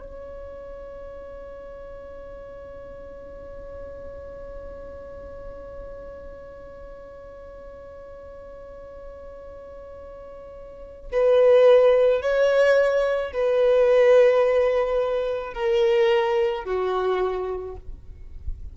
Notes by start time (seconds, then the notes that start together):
0.00 C#5
11.12 B4
12.22 C#5
13.32 B4
15.54 A#4
16.65 F#4